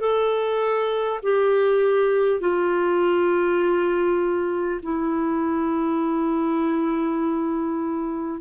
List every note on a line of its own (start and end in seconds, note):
0.00 1.20 A4
1.23 2.41 G4
2.41 4.81 F4
4.83 8.41 E4